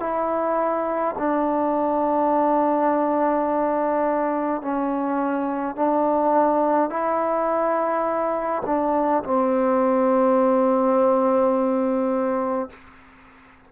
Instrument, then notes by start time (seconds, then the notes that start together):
trombone
0.00 E4
1.18 D4
4.62 C#4
5.76 D4
6.90 E4
8.66 D4
9.24 C4